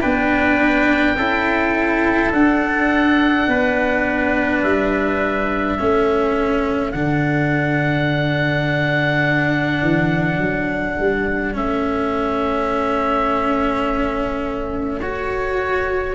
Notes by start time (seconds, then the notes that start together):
0.00 B3 D4 B4 G5
1.16 C#4 E4 A4
2.31 D4 F#5
3.47 B3 B4
4.62 G3 E5
5.77 A3 C#4 A4
6.91 D3 D4 F#5
9.82 E3
10.37 F#3
10.99 G3
11.53 A3 C#4 E5
15.00 F#4 C#5